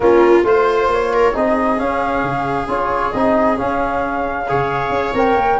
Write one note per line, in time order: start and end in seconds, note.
0.00 0.43 A#3
0.00 0.44 C#4
0.00 0.47 F4
0.00 0.44 A#4
0.43 0.87 A3
0.43 1.33 F4
0.43 0.90 C5
0.43 1.13 C5
0.87 1.32 A#3
0.87 1.36 C#5
1.13 1.33 A#4
1.33 1.79 C4
1.33 1.78 D#4
1.33 4.47 G#4
1.33 1.79 D#5
1.78 2.67 C#4
1.78 2.23 C#4
1.78 2.68 F5
2.23 2.67 C#3
2.67 3.12 C#4
2.67 3.12 F4
2.67 3.12 C#5
3.12 3.58 C4
3.12 3.56 D#4
3.12 3.57 D#5
3.56 4.46 C#4
3.56 4.50 C#4
3.56 5.15 F5
4.48 4.89 C#3
4.48 5.14 G#4
4.48 5.60 C#5
4.89 5.11 C#4
5.13 5.35 C4
5.13 5.59 A#4
5.13 5.60 G5
5.35 5.57 A#3